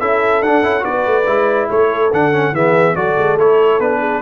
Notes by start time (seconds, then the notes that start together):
0.00 C#4 E4 A4 E5
0.41 D4 F#5
0.63 C#4 E4
0.80 F#4 B4 D5
0.87 B3
1.06 A3
1.26 G#3 E4
1.69 A3 A4 C#5
2.12 D3 D4 F#5
2.33 C#4
2.52 E3 B3 G#4 E5
2.95 F#3 F#4 A4 D5
3.18 G#3
3.37 A3 E4 C#5
3.79 B3 D4 B4
4.00 G#4